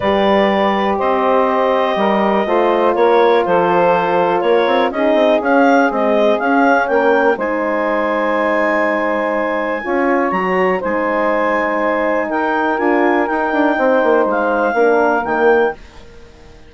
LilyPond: <<
  \new Staff \with { instrumentName = "clarinet" } { \time 4/4 \tempo 4 = 122 d''2 dis''2~ | dis''2 cis''4 c''4~ | c''4 cis''4 dis''4 f''4 | dis''4 f''4 g''4 gis''4~ |
gis''1~ | gis''4 ais''4 gis''2~ | gis''4 g''4 gis''4 g''4~ | g''4 f''2 g''4 | }
  \new Staff \with { instrumentName = "saxophone" } { \time 4/4 b'2 c''2 | ais'4 c''4 ais'4 a'4~ | a'4 ais'4 gis'2~ | gis'2 ais'4 c''4~ |
c''1 | cis''2 c''2~ | c''4 ais'2. | c''2 ais'2 | }
  \new Staff \with { instrumentName = "horn" } { \time 4/4 g'1~ | g'4 f'2.~ | f'2 dis'4 cis'4 | gis4 cis'2 dis'4~ |
dis'1 | f'4 fis'4 dis'2~ | dis'2 f'4 dis'4~ | dis'2 d'4 ais4 | }
  \new Staff \with { instrumentName = "bassoon" } { \time 4/4 g2 c'2 | g4 a4 ais4 f4~ | f4 ais8 c'8 cis'8 c'8 cis'4 | c'4 cis'4 ais4 gis4~ |
gis1 | cis'4 fis4 gis2~ | gis4 dis'4 d'4 dis'8 d'8 | c'8 ais8 gis4 ais4 dis4 | }
>>